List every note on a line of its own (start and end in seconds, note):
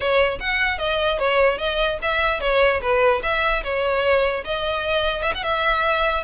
0.00 0.38 C#5
0.40 0.78 F#5
0.78 1.18 D#5
1.19 1.58 C#5
1.58 1.98 D#5
2.02 2.40 E5
2.40 2.80 C#5
2.81 3.21 B4
3.22 3.63 E5
3.63 4.44 C#5
4.44 5.22 D#5
5.22 5.32 E5
5.35 5.43 F#5
5.43 6.23 E5